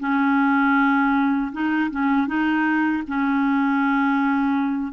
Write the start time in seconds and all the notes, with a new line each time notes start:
0.00 C#4
1.53 D#4
1.91 C#4
2.28 D#4
3.08 C#4